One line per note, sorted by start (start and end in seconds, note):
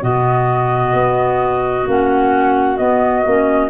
0.00 0.93 B2
0.00 1.85 B3
0.00 3.70 F#4
0.00 1.87 D#5
0.93 1.85 B3
1.87 2.79 A#3
1.87 2.77 C#4
1.87 2.77 F#5
2.77 3.23 B3
2.77 3.25 B3
2.77 3.69 D#5
3.26 3.70 A#3
3.26 3.70 C#4